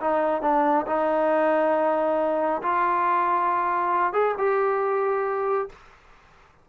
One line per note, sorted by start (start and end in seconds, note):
0.00 0.42 D#4
0.42 0.85 D4
0.86 2.61 D#4
2.62 4.13 F4
4.13 4.35 G#4
4.37 5.69 G4